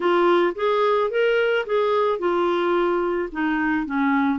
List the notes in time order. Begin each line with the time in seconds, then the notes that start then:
0.00 F4
0.55 G#4
1.10 A#4
1.66 G#4
2.19 F4
3.32 D#4
3.85 C#4